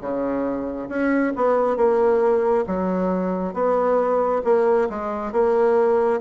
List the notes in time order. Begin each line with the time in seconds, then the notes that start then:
0.00 C#3
0.89 C#4
1.35 B3
1.76 A#3
2.67 F#3
3.53 B3
4.44 A#3
4.89 G#3
5.32 A#3